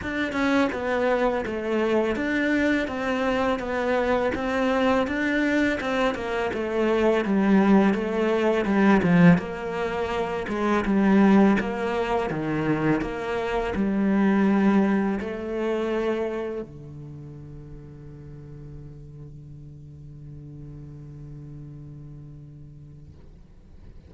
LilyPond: \new Staff \with { instrumentName = "cello" } { \time 4/4 \tempo 4 = 83 d'8 cis'8 b4 a4 d'4 | c'4 b4 c'4 d'4 | c'8 ais8 a4 g4 a4 | g8 f8 ais4. gis8 g4 |
ais4 dis4 ais4 g4~ | g4 a2 d4~ | d1~ | d1 | }